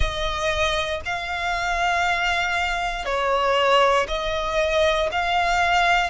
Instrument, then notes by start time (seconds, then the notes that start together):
violin
0.00 D#5
1.04 F5
3.05 C#5
4.07 D#5
5.11 F5